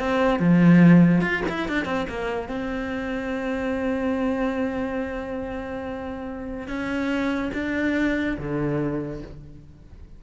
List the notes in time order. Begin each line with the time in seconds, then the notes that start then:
0.00 C4
0.40 F3
1.21 F4
1.49 E4
1.69 D4
1.86 C4
2.09 A#3
2.49 C4
6.68 C#4
7.54 D4
8.38 D3